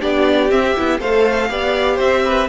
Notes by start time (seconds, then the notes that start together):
0.00 B3 D4 G4 D5
0.49 C4 E5
0.76 B3 E4
0.99 A3 A4 C5 F5
1.49 B3 G4 D5
1.95 C4 C5 E5
2.25 B4